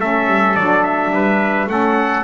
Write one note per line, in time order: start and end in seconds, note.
0.00 0.27 A3
0.00 0.57 C#4
0.00 1.14 A4
0.00 0.56 E5
0.27 0.55 G3
0.56 1.10 F#3
0.56 1.68 D4
0.56 0.84 D5
0.84 1.69 E5
1.10 1.67 G3
1.10 1.71 B4
1.67 2.23 A3
1.67 2.24 C#4
1.67 2.24 A4
1.67 2.24 F#5